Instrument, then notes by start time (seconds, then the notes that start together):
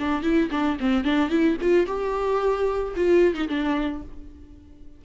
viola
0.00 D4
0.23 E4
0.51 D4
0.80 C4
1.05 D4
1.30 E4
1.61 F4
1.87 G4
2.96 F4
3.35 D#4
3.49 D4